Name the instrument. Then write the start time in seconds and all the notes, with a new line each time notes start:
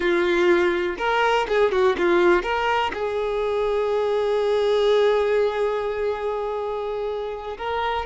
violin
0.00 F4
0.98 A#4
1.48 G#4
1.71 F#4
1.98 F4
2.42 A#4
2.93 G#4
7.57 A#4